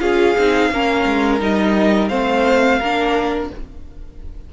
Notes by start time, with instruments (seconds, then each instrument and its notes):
0.00 cello C#4, viola F4, violin G#4 F5
0.38 cello C4, viola D#4
0.70 cello A#3, viola C#4, violin A#4
1.06 cello G#3
1.39 cello G3, viola D#4, violin D#5
2.08 cello A3, viola C4, violin C5 F5
2.79 cello A#3, viola D4, violin A#4